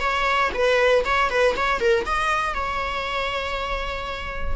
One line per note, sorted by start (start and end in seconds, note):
0.00 0.50 C#5
0.54 1.04 B4
1.05 1.30 C#5
1.30 1.55 B4
1.57 1.80 C#5
1.80 2.05 A#4
2.06 2.54 D#5
2.54 4.56 C#5